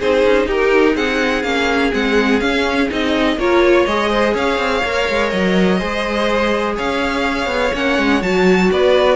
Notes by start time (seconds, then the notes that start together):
0.00 C4 D#4 G#4 C5
0.26 C#4
0.47 D#4 G4 A#4
0.94 C4 G#4 F#5
1.43 A#3 C#4 F5
1.92 G#3 C4 F#5
2.40 C#4 F5
2.90 C4 D#4 D#5
3.37 A#3 F4 A#4 C#5
3.65 C#5
3.86 G#3 G#4 D#5
4.10 C5
4.34 C#4 C#5 F5
4.58 C4
4.85 A#3 A#4
5.09 G#3
5.30 F#3 D#5
5.79 G#3 G#4 C5
6.76 C#4 C#5 F5
7.46 B3
7.74 A#3 C#4 F#5
7.98 G#3
8.21 F#3 F#4 A5
8.72 B3 B4 D5